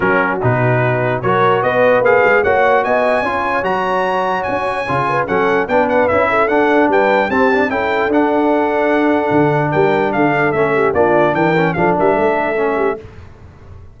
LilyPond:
<<
  \new Staff \with { instrumentName = "trumpet" } { \time 4/4 \tempo 4 = 148 ais'4 b'2 cis''4 | dis''4 f''4 fis''4 gis''4~ | gis''4 ais''2 gis''4~ | gis''4 fis''4 g''8 fis''8 e''4 |
fis''4 g''4 a''4 g''4 | fis''1 | g''4 f''4 e''4 d''4 | g''4 f''8 e''2~ e''8 | }
  \new Staff \with { instrumentName = "horn" } { \time 4/4 fis'2. ais'4 | b'2 cis''4 dis''4 | cis''1~ | cis''8 b'8 a'4 b'4. a'8~ |
a'4 b'4 g'4 a'4~ | a'1 | ais'4 a'4. g'8 f'4 | ais'4 a'8 ais'8 a'4. g'8 | }
  \new Staff \with { instrumentName = "trombone" } { \time 4/4 cis'4 dis'2 fis'4~ | fis'4 gis'4 fis'2 | f'4 fis'2. | f'4 cis'4 d'4 e'4 |
d'2 c'8 d'8 e'4 | d'1~ | d'2 cis'4 d'4~ | d'8 cis'8 d'2 cis'4 | }
  \new Staff \with { instrumentName = "tuba" } { \time 4/4 fis4 b,2 fis4 | b4 ais8 gis8 ais4 b4 | cis'4 fis2 cis'4 | cis4 fis4 b4 cis'4 |
d'4 g4 c'4 cis'4 | d'2. d4 | g4 d4 a4 ais4 | e4 f8 g8 a2 | }
>>